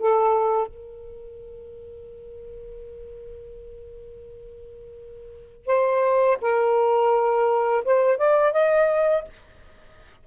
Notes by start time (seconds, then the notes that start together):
0.00 A4
0.68 A#4
5.67 C5
6.42 A#4
7.85 C5
8.18 D5
8.53 D#5